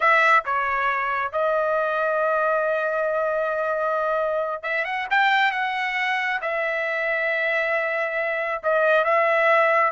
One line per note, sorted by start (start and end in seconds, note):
0.00 0.43 E5
0.45 1.32 C#5
1.32 4.62 D#5
4.62 4.84 E5
4.84 5.07 F#5
5.10 5.51 G5
5.51 6.40 F#5
6.41 8.62 E5
8.63 9.04 D#5
9.04 9.91 E5